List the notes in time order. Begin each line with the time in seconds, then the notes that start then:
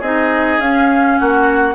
0.00 C4 D#4 G#4 D#5
0.59 C#4 F5
1.18 A#3 F#4 F#5